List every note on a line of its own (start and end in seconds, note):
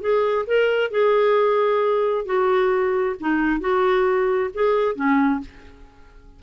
0.00 0.45 G#4
0.46 0.90 A#4
0.90 2.25 G#4
2.25 3.16 F#4
3.20 3.60 D#4
3.60 4.50 F#4
4.53 4.95 G#4
4.95 5.40 C#4